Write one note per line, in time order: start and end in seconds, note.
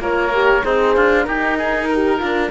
0.00 0.63 A#3
0.00 0.32 F4
0.00 0.65 A#4
0.00 0.65 C#5
0.33 0.62 G4
0.62 0.97 C4
0.62 0.95 D#4
0.62 1.26 G#4
0.62 1.24 C5
0.95 1.27 D4
0.95 1.27 F4
1.24 2.22 D#4
1.24 1.91 D#4
1.24 1.58 G4
1.24 2.50 A#4
1.58 1.89 G#4
1.89 2.19 G4
1.89 2.52 A#4
2.19 2.52 D4
2.19 2.51 F4